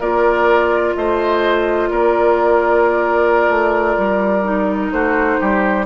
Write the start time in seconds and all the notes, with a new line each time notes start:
0.00 A#3 F4 A#4 D5
0.95 A3 C5 D#5
1.89 A#3 A#4 D5
3.49 A3
3.98 G3
4.44 D#4
4.92 A3 F#4 C5
5.40 G3 G4